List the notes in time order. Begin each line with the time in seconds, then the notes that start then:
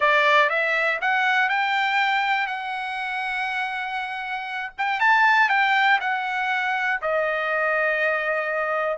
0.00 D5
0.49 E5
1.01 F#5
1.49 G5
2.47 F#5
4.78 G5
5.00 A5
5.49 G5
6.00 F#5
7.01 D#5